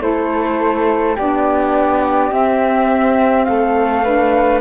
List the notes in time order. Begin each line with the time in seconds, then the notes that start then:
0.00 A3 E4 A4 C5
1.16 B3 D4 G4 D5
2.31 C4 E5
3.45 A3 A4 F5
4.04 D4 B4